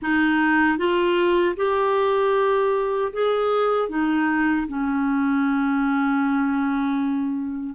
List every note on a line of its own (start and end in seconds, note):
0.02 0.78 D#4
0.78 1.55 F4
1.56 3.12 G4
3.12 3.89 G#4
3.89 4.66 D#4
4.67 7.75 C#4